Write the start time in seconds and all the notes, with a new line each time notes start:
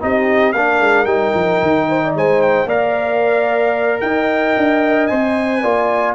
0.00 C4 D#4 G4 D#5
0.53 A#3 D4 A#4 F5
0.80 G#3
1.05 G3 D#4 G5
1.35 F3
1.62 D#3
1.89 C5
2.04 D5
2.15 G#3 C5 G#5
2.42 G5
2.65 A#3 A#4 D5 F5
4.01 D#4 D#5 G5
4.57 D4
5.07 C4 C5 G#5
5.62 A#3 F4 D5